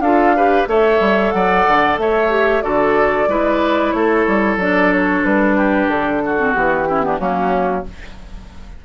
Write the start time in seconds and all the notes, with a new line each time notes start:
0.00 D4 F4 A4 F5
0.36 G4 B4
0.67 A3 A4 C#5 E5
1.00 G3
1.31 F#3 D5 F#5
1.67 D3
1.98 A3 C#5 E5
2.30 G4
2.62 D3 F#4 A4 D5
3.27 G#3 E4 B4
3.91 A3 A4 C#5
4.27 G3
4.57 F#3 D4 D5
4.92 C#5
5.25 G3 B4
5.57 G4
5.88 D3 A4
6.25 F#4
6.38 C4
6.53 E3 B3 G4
6.88 C#4 E4
7.02 B3 D4
7.19 F#3 A#3 C#4 F#4